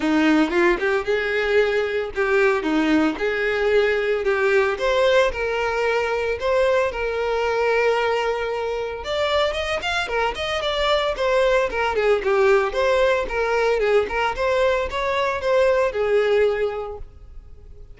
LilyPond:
\new Staff \with { instrumentName = "violin" } { \time 4/4 \tempo 4 = 113 dis'4 f'8 g'8 gis'2 | g'4 dis'4 gis'2 | g'4 c''4 ais'2 | c''4 ais'2.~ |
ais'4 d''4 dis''8 f''8 ais'8 dis''8 | d''4 c''4 ais'8 gis'8 g'4 | c''4 ais'4 gis'8 ais'8 c''4 | cis''4 c''4 gis'2 | }